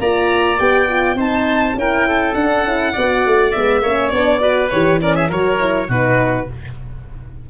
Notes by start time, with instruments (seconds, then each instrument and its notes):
0.00 tuba A#3, horn F4, oboe D5, violin A#5
0.59 tuba B3, horn G4, violin G5
0.88 horn F4
1.15 tuba C4, horn D#4, oboe C5, violin A5
1.75 tuba C#4, horn E4, oboe A#4, violin G5
2.08 oboe A4
2.35 tuba D4, horn D4, violin F#5
2.64 tuba C#4, horn E4
2.93 tuba B3, horn F#4, oboe D5
3.26 tuba A3
3.52 tuba G#3, horn B3, violin E5
3.82 tuba A#3, horn C#4, oboe C#5
4.09 tuba B3, horn D4, violin D5
4.40 horn F#4, oboe B4
4.70 tuba E3, horn G4, violin C#5
5.01 horn C#4, oboe A#4, violin D5
5.16 oboe G#4, violin E5
5.29 tuba F#3, horn F#4, oboe A#4, violin C#5
5.60 horn E4
5.88 tuba B2, horn D#4, oboe F#4, violin B4